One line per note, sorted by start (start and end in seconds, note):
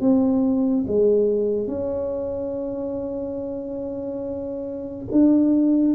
0.00 0.85 C4
0.87 1.67 G#3
1.67 5.05 C#4
5.11 5.94 D4